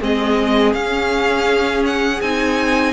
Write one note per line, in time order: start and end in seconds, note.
0.00 0.73 G#3
0.00 0.74 C4
0.00 2.92 G#4
0.00 0.73 D#5
0.73 2.20 C#4
0.73 1.83 F5
1.85 2.21 F#5
2.21 2.92 C4
2.21 2.92 D#4
2.21 2.92 G#5